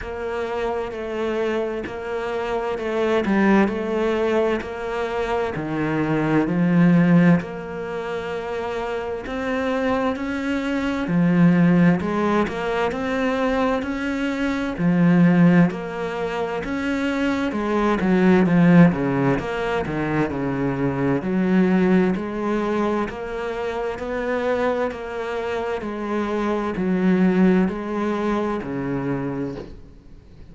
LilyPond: \new Staff \with { instrumentName = "cello" } { \time 4/4 \tempo 4 = 65 ais4 a4 ais4 a8 g8 | a4 ais4 dis4 f4 | ais2 c'4 cis'4 | f4 gis8 ais8 c'4 cis'4 |
f4 ais4 cis'4 gis8 fis8 | f8 cis8 ais8 dis8 cis4 fis4 | gis4 ais4 b4 ais4 | gis4 fis4 gis4 cis4 | }